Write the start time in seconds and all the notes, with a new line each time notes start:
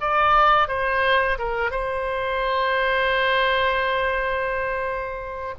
0.00 D5
0.68 C5
1.38 A#4
1.70 C5